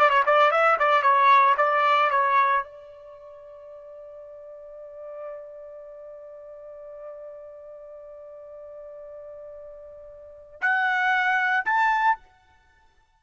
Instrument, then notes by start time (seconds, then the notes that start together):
trumpet
0.00 D5
0.10 C#5
0.26 D5
0.52 E5
0.80 D5
1.03 C#5
1.58 D5
2.11 C#5
2.64 D5
10.62 F#5
11.66 A5